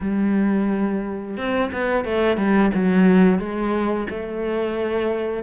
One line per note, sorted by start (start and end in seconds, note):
0.01 1.37 G3
1.37 1.71 C4
1.72 2.04 B3
2.04 2.37 A3
2.37 2.71 G3
2.73 3.38 F#3
3.38 4.07 G#3
4.10 5.43 A3